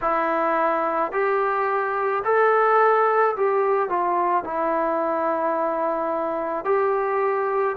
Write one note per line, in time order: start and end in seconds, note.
0.01 1.12 E4
1.12 2.23 G4
2.24 3.35 A4
3.36 3.89 G4
3.89 4.43 F4
4.43 6.65 E4
6.65 7.76 G4